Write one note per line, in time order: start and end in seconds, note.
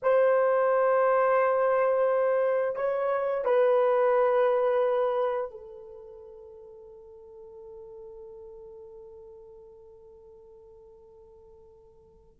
0.02 2.75 C5
2.75 3.44 C#5
3.45 5.50 B4
5.50 12.40 A4